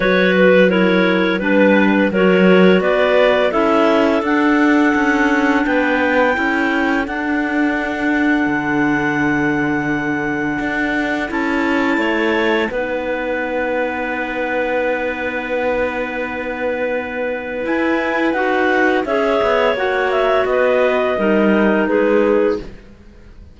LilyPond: <<
  \new Staff \with { instrumentName = "clarinet" } { \time 4/4 \tempo 4 = 85 cis''8 b'8 cis''4 b'4 cis''4 | d''4 e''4 fis''2 | g''2 fis''2~ | fis''1 |
a''2 fis''2~ | fis''1~ | fis''4 gis''4 fis''4 e''4 | fis''8 e''8 dis''2 b'4 | }
  \new Staff \with { instrumentName = "clarinet" } { \time 4/4 b'4 ais'4 b'4 ais'4 | b'4 a'2. | b'4 a'2.~ | a'1~ |
a'4 cis''4 b'2~ | b'1~ | b'2. cis''4~ | cis''4 b'4 ais'4 gis'4 | }
  \new Staff \with { instrumentName = "clarinet" } { \time 4/4 fis'4 e'4 d'4 fis'4~ | fis'4 e'4 d'2~ | d'4 e'4 d'2~ | d'1 |
e'2 dis'2~ | dis'1~ | dis'4 e'4 fis'4 gis'4 | fis'2 dis'2 | }
  \new Staff \with { instrumentName = "cello" } { \time 4/4 fis2 g4 fis4 | b4 cis'4 d'4 cis'4 | b4 cis'4 d'2 | d2. d'4 |
cis'4 a4 b2~ | b1~ | b4 e'4 dis'4 cis'8 b8 | ais4 b4 g4 gis4 | }
>>